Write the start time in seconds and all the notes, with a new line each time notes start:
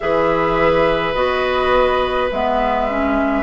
0.00 E3 G#4 B4 E5
1.14 B3 F#4 D#5
2.31 G#3 B3 E5
2.89 C#4